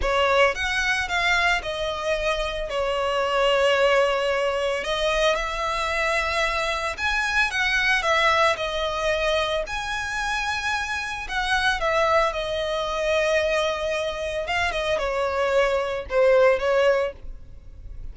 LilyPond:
\new Staff \with { instrumentName = "violin" } { \time 4/4 \tempo 4 = 112 cis''4 fis''4 f''4 dis''4~ | dis''4 cis''2.~ | cis''4 dis''4 e''2~ | e''4 gis''4 fis''4 e''4 |
dis''2 gis''2~ | gis''4 fis''4 e''4 dis''4~ | dis''2. f''8 dis''8 | cis''2 c''4 cis''4 | }